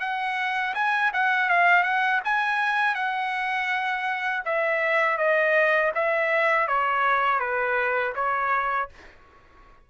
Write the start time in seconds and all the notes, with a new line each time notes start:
0.00 F#5
0.75 G#5
1.13 F#5
1.49 F5
1.84 F#5
2.25 G#5
2.95 F#5
4.45 E5
5.18 D#5
5.95 E5
6.68 C#5
7.40 B4
8.15 C#5